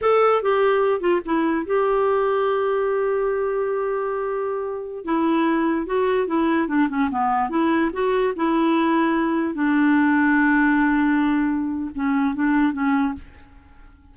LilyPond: \new Staff \with { instrumentName = "clarinet" } { \time 4/4 \tempo 4 = 146 a'4 g'4. f'8 e'4 | g'1~ | g'1~ | g'16 e'2 fis'4 e'8.~ |
e'16 d'8 cis'8 b4 e'4 fis'8.~ | fis'16 e'2. d'8.~ | d'1~ | d'4 cis'4 d'4 cis'4 | }